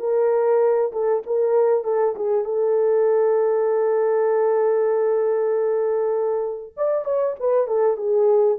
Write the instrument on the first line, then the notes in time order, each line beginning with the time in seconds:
horn
0.00 A#4
0.93 A4
1.27 A#4
1.85 A4
2.16 G#4
2.45 A4
6.77 D5
7.05 C#5
7.40 B4
7.67 A4
7.97 G#4